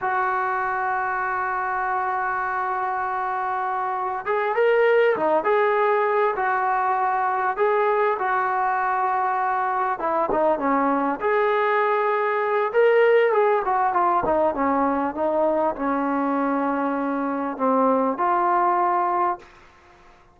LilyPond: \new Staff \with { instrumentName = "trombone" } { \time 4/4 \tempo 4 = 99 fis'1~ | fis'2. gis'8 ais'8~ | ais'8 dis'8 gis'4. fis'4.~ | fis'8 gis'4 fis'2~ fis'8~ |
fis'8 e'8 dis'8 cis'4 gis'4.~ | gis'4 ais'4 gis'8 fis'8 f'8 dis'8 | cis'4 dis'4 cis'2~ | cis'4 c'4 f'2 | }